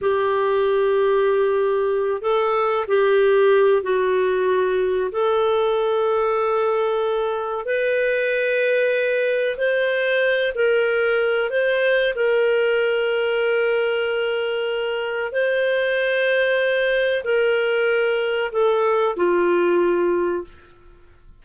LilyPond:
\new Staff \with { instrumentName = "clarinet" } { \time 4/4 \tempo 4 = 94 g'2.~ g'8 a'8~ | a'8 g'4. fis'2 | a'1 | b'2. c''4~ |
c''8 ais'4. c''4 ais'4~ | ais'1 | c''2. ais'4~ | ais'4 a'4 f'2 | }